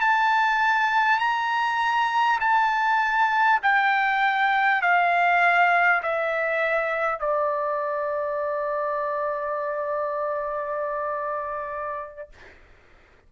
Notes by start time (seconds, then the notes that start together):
0.00 A5
1.18 A#5
2.40 A5
3.62 G5
4.81 F5
6.02 E5
7.19 D5